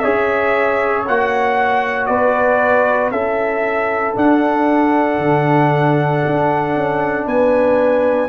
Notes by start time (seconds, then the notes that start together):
0.00 C#4 G#4 C#5 E5
1.08 A#3 F#4 F#5
2.07 B3 B4 D5
3.11 C#4 E4 A4 E5
4.16 D4 F#5
5.19 D3
6.27 D4
6.77 C#4
7.27 B3 B4 G#5